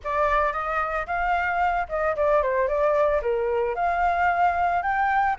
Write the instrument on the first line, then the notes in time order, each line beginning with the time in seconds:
flute
0.03 D5
0.52 D#5
1.06 F5
1.88 D#5
2.16 D5
2.42 C5
2.67 D5
3.21 A#4
3.75 F5
4.82 G5